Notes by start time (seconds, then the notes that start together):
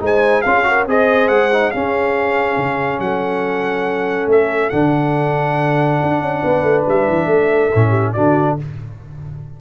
0.00 G#3 D#4 C5 G#5
0.41 C#4 F4 G#4 F5
0.63 F#4 A#4
0.86 C4 G#4 C5 D#5
1.28 G#3 F#5
1.52 D#4
1.71 C#4 G#4 F5
2.57 C#3
2.99 F#3 A4 F#5
4.27 A3 E5
4.70 D3 D4 F#5
6.02 D4
6.21 C#4
6.42 B3 B4
6.62 A3
6.88 G3 E5
7.08 E3
7.26 A3 A4
7.74 A2 C#4
7.89 G4
8.13 D3 D4 F#4 D5